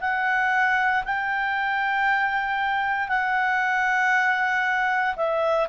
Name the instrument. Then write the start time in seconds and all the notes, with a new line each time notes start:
clarinet
0.00 F#5
1.05 G5
3.08 F#5
5.16 E5